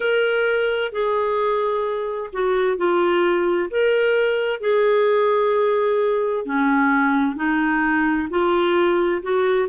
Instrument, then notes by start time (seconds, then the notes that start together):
clarinet
0.00 A#4
0.92 G#4
2.32 F#4
2.77 F4
3.70 A#4
4.60 G#4
6.45 C#4
7.36 D#4
8.30 F4
9.22 F#4